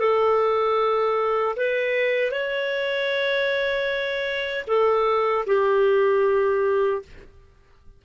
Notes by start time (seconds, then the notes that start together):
0.00 A4
1.57 B4
2.31 C#5
4.68 A4
5.47 G4